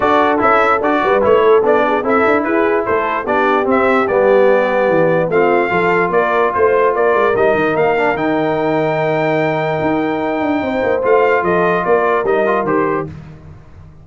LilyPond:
<<
  \new Staff \with { instrumentName = "trumpet" } { \time 4/4 \tempo 4 = 147 d''4 e''4 d''4 cis''4 | d''4 e''4 b'4 c''4 | d''4 e''4 d''2~ | d''4 f''2 d''4 |
c''4 d''4 dis''4 f''4 | g''1~ | g''2. f''4 | dis''4 d''4 dis''4 c''4 | }
  \new Staff \with { instrumentName = "horn" } { \time 4/4 a'2~ a'8 b'4 a'8~ | a'8 gis'8 a'4 gis'4 a'4 | g'1~ | g'4 f'4 a'4 ais'4 |
c''4 ais'2.~ | ais'1~ | ais'2 c''2 | a'4 ais'2. | }
  \new Staff \with { instrumentName = "trombone" } { \time 4/4 fis'4 e'4 fis'4 e'4 | d'4 e'2. | d'4 c'4 b2~ | b4 c'4 f'2~ |
f'2 dis'4. d'8 | dis'1~ | dis'2. f'4~ | f'2 dis'8 f'8 g'4 | }
  \new Staff \with { instrumentName = "tuba" } { \time 4/4 d'4 cis'4 d'8 g8 a4 | b4 c'8 d'8 e'4 a4 | b4 c'4 g2 | e4 a4 f4 ais4 |
a4 ais8 gis8 g8 dis8 ais4 | dis1 | dis'4. d'8 c'8 ais8 a4 | f4 ais4 g4 dis4 | }
>>